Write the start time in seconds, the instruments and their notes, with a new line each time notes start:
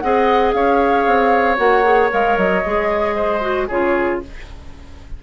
0.00 bassoon C4, clarinet G#4, oboe D#5, flute F#5
0.53 bassoon C#4, oboe C#5, flute F5
1.06 bassoon C4
1.57 bassoon A#3, clarinet F#4, flute F#5
1.84 clarinet G#4
2.10 bassoon G#3, clarinet A#4, flute F5
2.38 bassoon F#3, flute D#5
2.66 bassoon G#3, clarinet G#4
3.16 oboe C5
3.41 clarinet F#4
3.68 bassoon C#3, clarinet F4, oboe G#4, flute C#5